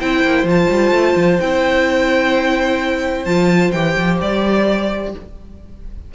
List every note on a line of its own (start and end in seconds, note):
0.00 0.24 C4
0.00 0.47 E4
0.00 5.12 C5
0.00 0.47 G5
0.24 0.43 A#3
0.43 0.66 F3
0.43 1.40 F4
0.50 1.40 A5
0.70 0.91 G3
0.91 1.14 A3
1.16 1.39 F3
1.40 3.25 C4
1.40 3.26 E4
1.40 3.25 G5
3.25 3.72 F3
3.25 3.72 F4
3.25 3.71 A5
3.72 3.97 E3
3.72 5.14 G4
3.72 4.18 G5
3.97 4.21 F3
4.21 5.14 G3
4.21 5.14 D5